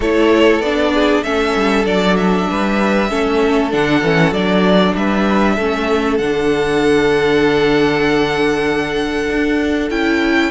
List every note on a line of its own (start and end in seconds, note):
0.00 0.60 A3
0.00 0.63 E4
0.00 0.92 A4
0.00 0.61 C#5
0.60 1.22 B3
0.60 1.24 D4
0.60 1.23 D5
0.93 1.24 G#4
1.23 1.54 A3
1.23 1.85 C#4
1.23 2.47 A4
1.23 1.85 E5
1.55 1.85 G3
1.85 2.47 F#3
1.85 3.09 D4
1.85 2.16 D5
2.16 3.71 E5
2.49 3.11 G3
2.49 3.09 B4
3.09 3.73 A3
3.09 3.70 C#4
3.09 4.95 A4
3.70 4.03 D3
3.70 4.01 D4
3.70 4.33 F#5
4.03 4.31 E3
4.03 4.34 C#4
4.31 4.93 F#3
4.31 5.58 D4
4.31 4.95 D5
4.95 5.57 G3
4.95 5.55 B4
4.95 6.17 E5
5.55 6.19 A3
5.55 6.21 C#4
5.55 10.50 A4
6.17 9.28 D3
6.17 9.90 D4
6.17 9.88 F#5
9.29 9.90 D4
9.90 10.51 C#4
9.90 10.51 E4
9.90 10.51 G5